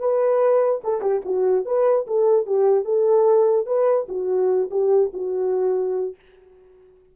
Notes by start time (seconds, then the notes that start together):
0.00 B4
0.84 A4
1.02 G4
1.25 F#4
1.66 B4
2.07 A4
2.46 G4
2.85 A4
3.67 B4
4.09 F#4
4.71 G4
5.14 F#4